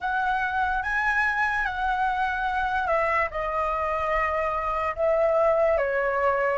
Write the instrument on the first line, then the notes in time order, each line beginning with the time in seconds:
flute
0.00 F#5
0.83 G#5
1.65 F#5
2.87 E5
3.31 D#5
4.95 E5
5.77 C#5